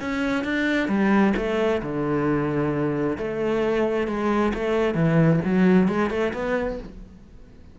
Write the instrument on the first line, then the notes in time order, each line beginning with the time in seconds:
cello
0.00 C#4
0.44 D4
0.88 G3
1.37 A3
1.82 D3
3.18 A3
4.07 G#3
4.54 A3
4.95 E3
5.44 F#3
5.88 G#3
6.10 A3
6.33 B3